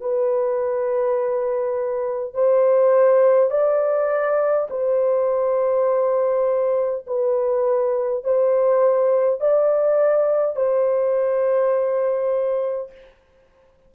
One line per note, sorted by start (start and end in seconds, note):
0.00 2.34 B4
2.34 3.50 C5
3.50 4.68 D5
4.70 7.05 C5
7.07 8.24 B4
8.24 9.40 C5
9.40 10.56 D5
10.56 12.91 C5